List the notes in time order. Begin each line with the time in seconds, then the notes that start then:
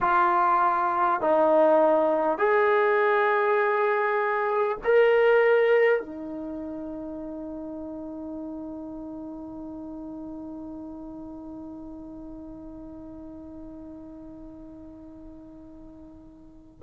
0.01 F4
1.20 D#4
2.37 G#4
4.83 A#4
6.00 D#4